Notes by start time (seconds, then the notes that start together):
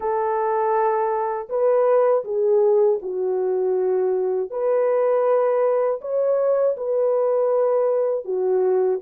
0.00 A4
1.49 B4
2.24 G#4
3.01 F#4
4.50 B4
6.01 C#5
6.76 B4
8.24 F#4